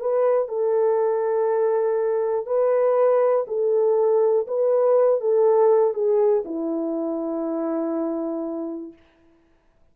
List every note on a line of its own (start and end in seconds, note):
0.00 0.48 B4
0.48 2.46 A4
2.46 3.46 B4
3.48 4.47 A4
4.47 5.21 B4
5.21 5.94 A4
5.94 6.44 G#4
6.45 8.93 E4